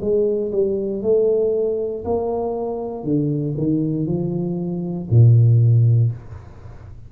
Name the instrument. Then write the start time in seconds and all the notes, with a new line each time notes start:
tuba
0.00 G#3
0.51 G3
1.02 A3
2.04 A#3
3.04 D3
3.57 D#3
4.06 F3
5.10 A#2